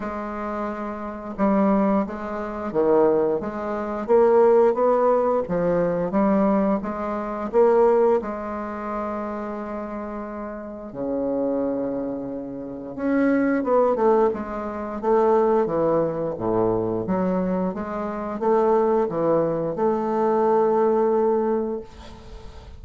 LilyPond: \new Staff \with { instrumentName = "bassoon" } { \time 4/4 \tempo 4 = 88 gis2 g4 gis4 | dis4 gis4 ais4 b4 | f4 g4 gis4 ais4 | gis1 |
cis2. cis'4 | b8 a8 gis4 a4 e4 | a,4 fis4 gis4 a4 | e4 a2. | }